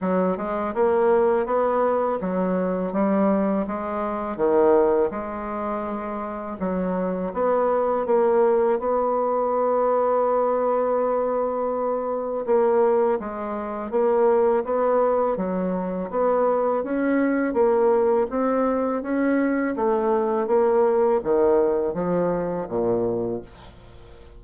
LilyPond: \new Staff \with { instrumentName = "bassoon" } { \time 4/4 \tempo 4 = 82 fis8 gis8 ais4 b4 fis4 | g4 gis4 dis4 gis4~ | gis4 fis4 b4 ais4 | b1~ |
b4 ais4 gis4 ais4 | b4 fis4 b4 cis'4 | ais4 c'4 cis'4 a4 | ais4 dis4 f4 ais,4 | }